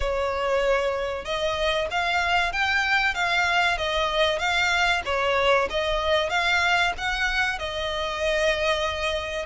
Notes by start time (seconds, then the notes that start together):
0.00 C#5
1.25 D#5
1.90 F5
2.52 G5
3.14 F5
3.77 D#5
4.39 F5
5.05 C#5
5.70 D#5
6.29 F5
6.97 F#5
7.58 D#5